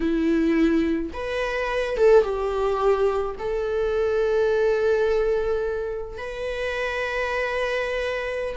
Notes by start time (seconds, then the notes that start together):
0.00 E4
1.13 B4
1.97 A4
2.23 G4
3.38 A4
6.17 B4